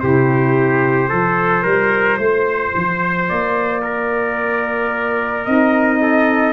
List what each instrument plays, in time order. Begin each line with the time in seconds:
0.00 tuba C3, saxophone E4, trumpet G4 C5
1.09 tuba F3, saxophone F4, trumpet A4
1.63 tuba G3, trumpet A#4
2.18 tuba A3, trumpet C5
2.75 tuba F3
3.29 tuba A#3, trumpet D5
3.82 trumpet A#4
5.45 tuba C4, saxophone D#4, trumpet D#5
6.02 trumpet A4